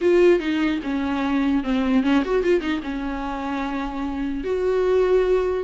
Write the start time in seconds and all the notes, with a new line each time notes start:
0.01 F4
0.39 D#4
0.83 C#4
1.63 C4
2.03 C#4
2.24 F#4
2.43 F4
2.60 D#4
2.83 C#4
4.43 F#4